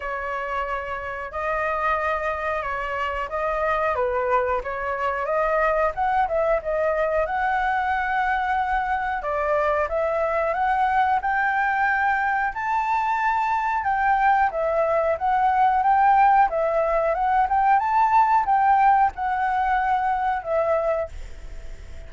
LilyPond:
\new Staff \with { instrumentName = "flute" } { \time 4/4 \tempo 4 = 91 cis''2 dis''2 | cis''4 dis''4 b'4 cis''4 | dis''4 fis''8 e''8 dis''4 fis''4~ | fis''2 d''4 e''4 |
fis''4 g''2 a''4~ | a''4 g''4 e''4 fis''4 | g''4 e''4 fis''8 g''8 a''4 | g''4 fis''2 e''4 | }